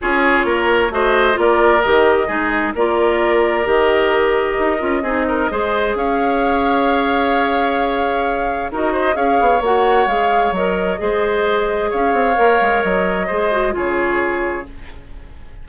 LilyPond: <<
  \new Staff \with { instrumentName = "flute" } { \time 4/4 \tempo 4 = 131 cis''2 dis''4 d''4 | dis''2 d''2 | dis''1~ | dis''4 f''2.~ |
f''2. dis''4 | f''4 fis''4 f''4 dis''4~ | dis''2 f''2 | dis''2 cis''2 | }
  \new Staff \with { instrumentName = "oboe" } { \time 4/4 gis'4 ais'4 c''4 ais'4~ | ais'4 gis'4 ais'2~ | ais'2. gis'8 ais'8 | c''4 cis''2.~ |
cis''2. ais'8 c''8 | cis''1 | c''2 cis''2~ | cis''4 c''4 gis'2 | }
  \new Staff \with { instrumentName = "clarinet" } { \time 4/4 f'2 fis'4 f'4 | g'4 dis'4 f'2 | g'2~ g'8 f'8 dis'4 | gis'1~ |
gis'2. fis'4 | gis'4 fis'4 gis'4 ais'4 | gis'2. ais'4~ | ais'4 gis'8 fis'8 f'2 | }
  \new Staff \with { instrumentName = "bassoon" } { \time 4/4 cis'4 ais4 a4 ais4 | dis4 gis4 ais2 | dis2 dis'8 cis'8 c'4 | gis4 cis'2.~ |
cis'2. dis'4 | cis'8 b8 ais4 gis4 fis4 | gis2 cis'8 c'8 ais8 gis8 | fis4 gis4 cis2 | }
>>